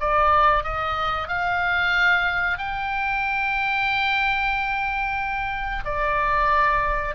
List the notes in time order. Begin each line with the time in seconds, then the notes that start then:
0.00 D5
0.64 D#5
1.28 F5
2.58 G5
5.85 D5